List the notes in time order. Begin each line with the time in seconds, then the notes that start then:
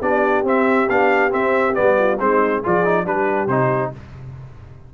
0.00 B3 D4 G4 D5
0.43 C4 E5
0.89 B3 D4 F5
1.30 C4 E5
1.74 G3 B3 D5
1.98 F4
2.19 G#3 C4 D#4 C5
2.61 F3 F4 G#4 D5
2.84 D#4
3.05 G3 D4 G4 B4
3.47 C3 D#4 C5